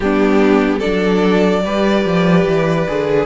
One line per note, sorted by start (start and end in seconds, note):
0.00 0.79 G3
0.00 0.82 B3
0.00 0.78 D4
0.00 0.80 G4
0.78 1.64 D4
0.78 1.60 A4
0.78 3.26 D5
0.85 1.66 F#3
1.64 2.05 G3
1.64 2.88 G4
1.64 3.26 B4
2.05 2.46 F3
2.46 2.87 E3
2.88 3.26 D3
2.88 3.26 G#4